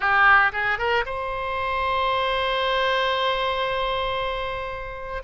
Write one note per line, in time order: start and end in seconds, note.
0.00 0.51 G4
0.52 0.78 G#4
0.78 1.04 A#4
1.05 5.22 C5